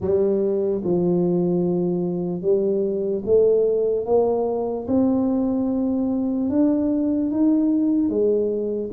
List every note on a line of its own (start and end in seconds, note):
0.00 0.81 G3
0.84 2.41 F3
2.41 3.22 G3
3.25 4.05 A3
4.05 4.86 A#3
4.87 6.49 C4
6.49 7.30 D4
7.30 8.09 D#4
8.09 8.90 G#3